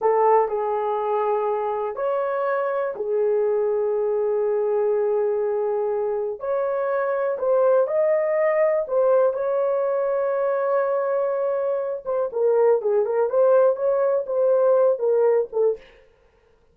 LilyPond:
\new Staff \with { instrumentName = "horn" } { \time 4/4 \tempo 4 = 122 a'4 gis'2. | cis''2 gis'2~ | gis'1~ | gis'4 cis''2 c''4 |
dis''2 c''4 cis''4~ | cis''1~ | cis''8 c''8 ais'4 gis'8 ais'8 c''4 | cis''4 c''4. ais'4 a'8 | }